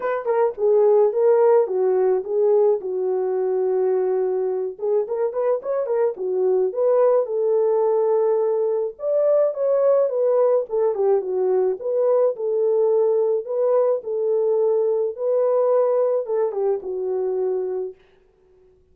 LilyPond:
\new Staff \with { instrumentName = "horn" } { \time 4/4 \tempo 4 = 107 b'8 ais'8 gis'4 ais'4 fis'4 | gis'4 fis'2.~ | fis'8 gis'8 ais'8 b'8 cis''8 ais'8 fis'4 | b'4 a'2. |
d''4 cis''4 b'4 a'8 g'8 | fis'4 b'4 a'2 | b'4 a'2 b'4~ | b'4 a'8 g'8 fis'2 | }